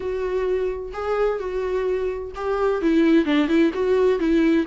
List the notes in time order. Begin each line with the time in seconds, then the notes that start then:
0.00 F#4
0.93 G#4
1.39 F#4
2.35 G4
2.81 E4
3.25 D4
3.48 E4
3.73 F#4
4.19 E4